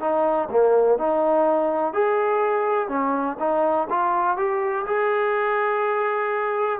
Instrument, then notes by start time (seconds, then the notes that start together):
trombone
0.00 D#4
0.51 A#3
0.98 D#4
1.93 G#4
2.88 C#4
3.39 D#4
3.90 F4
4.37 G4
4.86 G#4